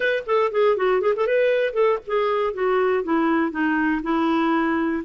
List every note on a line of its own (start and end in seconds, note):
0.00 0.23 B4
0.26 0.51 A4
0.51 0.76 G#4
0.77 1.01 F#4
1.01 1.13 G#4
1.16 1.26 A4
1.26 1.73 B4
1.73 1.98 A4
2.06 2.53 G#4
2.53 3.03 F#4
3.03 3.51 E4
3.51 4.01 D#4
4.02 5.03 E4